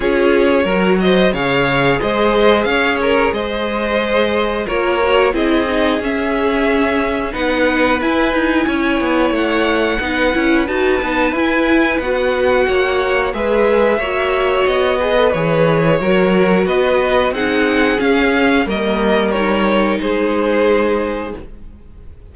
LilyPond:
<<
  \new Staff \with { instrumentName = "violin" } { \time 4/4 \tempo 4 = 90 cis''4. dis''8 f''4 dis''4 | f''8 ais'8 dis''2 cis''4 | dis''4 e''2 fis''4 | gis''2 fis''2 |
a''4 gis''4 fis''2 | e''2 dis''4 cis''4~ | cis''4 dis''4 fis''4 f''4 | dis''4 cis''4 c''2 | }
  \new Staff \with { instrumentName = "violin" } { \time 4/4 gis'4 ais'8 c''8 cis''4 c''4 | cis''4 c''2 ais'4 | gis'2. b'4~ | b'4 cis''2 b'4~ |
b'2. cis''4 | b'4 cis''4. b'4. | ais'4 b'4 gis'2 | ais'2 gis'2 | }
  \new Staff \with { instrumentName = "viola" } { \time 4/4 f'4 fis'4 gis'2~ | gis'2. f'8 fis'8 | e'8 dis'8 cis'2 dis'4 | e'2. dis'8 e'8 |
fis'8 dis'8 e'4 fis'2 | gis'4 fis'4. gis'16 a'16 gis'4 | fis'2 dis'4 cis'4 | ais4 dis'2. | }
  \new Staff \with { instrumentName = "cello" } { \time 4/4 cis'4 fis4 cis4 gis4 | cis'4 gis2 ais4 | c'4 cis'2 b4 | e'8 dis'8 cis'8 b8 a4 b8 cis'8 |
dis'8 b8 e'4 b4 ais4 | gis4 ais4 b4 e4 | fis4 b4 c'4 cis'4 | g2 gis2 | }
>>